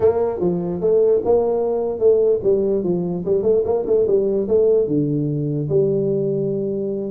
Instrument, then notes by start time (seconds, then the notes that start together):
tuba
0.00 A#3
0.40 F3
0.81 A3
1.24 A#3
1.99 A3
2.43 G3
2.83 F3
3.25 G3
3.43 A3
3.64 A#3
3.86 A3
4.07 G3
4.47 A3
4.87 D3
5.69 G3